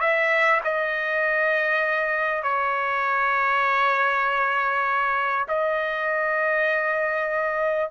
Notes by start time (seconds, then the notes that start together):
0.00 E5
0.64 D#5
2.43 C#5
5.48 D#5